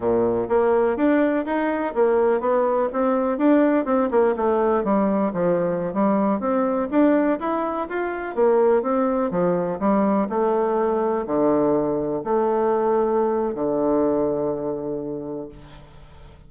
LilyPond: \new Staff \with { instrumentName = "bassoon" } { \time 4/4 \tempo 4 = 124 ais,4 ais4 d'4 dis'4 | ais4 b4 c'4 d'4 | c'8 ais8 a4 g4 f4~ | f16 g4 c'4 d'4 e'8.~ |
e'16 f'4 ais4 c'4 f8.~ | f16 g4 a2 d8.~ | d4~ d16 a2~ a8. | d1 | }